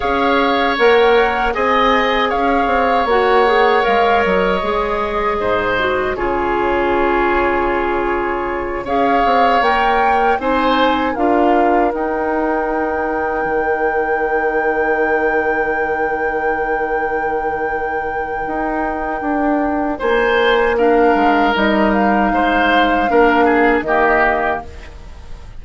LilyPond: <<
  \new Staff \with { instrumentName = "flute" } { \time 4/4 \tempo 4 = 78 f''4 fis''4 gis''4 f''4 | fis''4 f''8 dis''2~ dis''8 | cis''2.~ cis''8 f''8~ | f''8 g''4 gis''4 f''4 g''8~ |
g''1~ | g''1~ | g''2 gis''4 f''4 | dis''8 f''2~ f''8 dis''4 | }
  \new Staff \with { instrumentName = "oboe" } { \time 4/4 cis''2 dis''4 cis''4~ | cis''2. c''4 | gis'2.~ gis'8 cis''8~ | cis''4. c''4 ais'4.~ |
ais'1~ | ais'1~ | ais'2 c''4 ais'4~ | ais'4 c''4 ais'8 gis'8 g'4 | }
  \new Staff \with { instrumentName = "clarinet" } { \time 4/4 gis'4 ais'4 gis'2 | fis'8 gis'8 ais'4 gis'4. fis'8 | f'2.~ f'8 gis'8~ | gis'8 ais'4 dis'4 f'4 dis'8~ |
dis'1~ | dis'1~ | dis'2. d'4 | dis'2 d'4 ais4 | }
  \new Staff \with { instrumentName = "bassoon" } { \time 4/4 cis'4 ais4 c'4 cis'8 c'8 | ais4 gis8 fis8 gis4 gis,4 | cis2.~ cis8 cis'8 | c'8 ais4 c'4 d'4 dis'8~ |
dis'4. dis2~ dis8~ | dis1 | dis'4 d'4 ais4. gis8 | g4 gis4 ais4 dis4 | }
>>